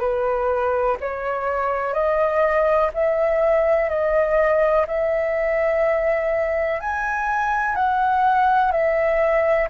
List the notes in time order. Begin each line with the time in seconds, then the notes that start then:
0.00 B4
1.00 C#5
1.94 D#5
2.94 E5
3.89 D#5
4.87 E5
6.80 G#5
7.76 F#5
8.71 E5